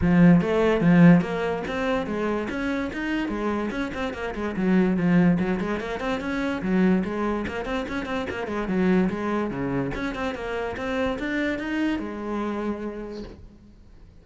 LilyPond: \new Staff \with { instrumentName = "cello" } { \time 4/4 \tempo 4 = 145 f4 a4 f4 ais4 | c'4 gis4 cis'4 dis'4 | gis4 cis'8 c'8 ais8 gis8 fis4 | f4 fis8 gis8 ais8 c'8 cis'4 |
fis4 gis4 ais8 c'8 cis'8 c'8 | ais8 gis8 fis4 gis4 cis4 | cis'8 c'8 ais4 c'4 d'4 | dis'4 gis2. | }